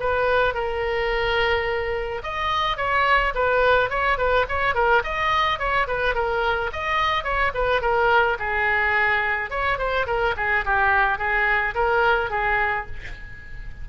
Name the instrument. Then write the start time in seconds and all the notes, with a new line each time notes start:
oboe
0.00 B4
0.55 A#4
2.23 D#5
2.78 C#5
3.35 B4
3.90 C#5
4.18 B4
4.49 C#5
4.75 A#4
5.04 D#5
5.59 C#5
5.88 B4
6.15 A#4
6.73 D#5
7.24 C#5
7.55 B4
7.82 A#4
8.40 G#4
9.50 C#5
9.79 C5
10.07 A#4
10.37 G#4
10.65 G4
11.18 G#4
11.75 A#4
12.31 G#4